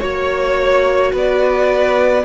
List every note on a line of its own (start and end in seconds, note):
0.00 1.13 A#3
0.00 2.23 F#4
0.00 1.11 C#5
0.00 1.13 C#5
1.13 2.24 B3
1.13 2.24 B4
1.13 2.25 D5